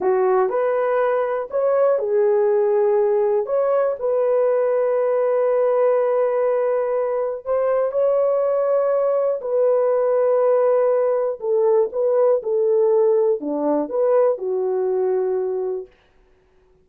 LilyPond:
\new Staff \with { instrumentName = "horn" } { \time 4/4 \tempo 4 = 121 fis'4 b'2 cis''4 | gis'2. cis''4 | b'1~ | b'2. c''4 |
cis''2. b'4~ | b'2. a'4 | b'4 a'2 d'4 | b'4 fis'2. | }